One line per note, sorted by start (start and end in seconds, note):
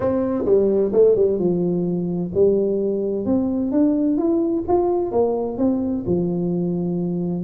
0.00 0.44 C4
0.45 0.91 G3
0.92 1.15 A3
1.15 1.38 G3
1.38 2.31 F3
2.34 3.25 G3
3.25 3.71 C4
3.71 4.17 D4
4.17 4.63 E4
4.68 5.11 F4
5.11 5.57 A#3
5.57 6.04 C4
6.06 7.43 F3